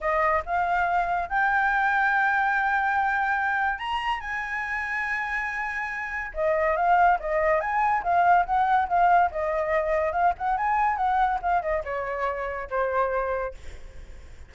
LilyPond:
\new Staff \with { instrumentName = "flute" } { \time 4/4 \tempo 4 = 142 dis''4 f''2 g''4~ | g''1~ | g''4 ais''4 gis''2~ | gis''2. dis''4 |
f''4 dis''4 gis''4 f''4 | fis''4 f''4 dis''2 | f''8 fis''8 gis''4 fis''4 f''8 dis''8 | cis''2 c''2 | }